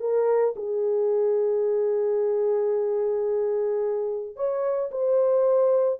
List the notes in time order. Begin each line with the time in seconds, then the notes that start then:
0.00 A#4
0.56 G#4
4.36 C#5
4.91 C5